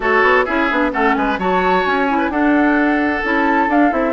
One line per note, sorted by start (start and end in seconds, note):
0.00 0.22 A3
0.00 0.46 F#4
0.00 0.45 A4
0.00 0.45 C#5
0.22 0.45 B3
0.45 0.70 C#4
0.45 0.69 E4
0.45 0.91 G#4
0.45 0.91 E5
0.70 0.92 B3
0.70 0.91 D4
0.91 1.15 A3
0.91 1.37 C#4
0.91 1.15 A4
0.91 1.14 F#5
1.14 1.37 G#3
1.14 1.39 B4
1.14 1.37 G#5
1.37 1.84 F#3
1.37 2.08 F#4
1.37 2.17 C#5
1.37 1.85 A5
1.85 2.29 C#4
1.85 2.31 G#5
2.08 2.31 E4
2.17 2.29 B4
2.29 3.21 D4
2.29 3.23 D4
2.29 4.13 A4
2.29 3.23 F#5
3.23 3.67 C#4
3.23 3.69 E4
3.23 3.71 A5
3.67 3.91 D4
3.67 3.90 D4
3.67 3.93 F5
3.90 4.13 C4
3.90 4.13 E4
3.90 4.13 E5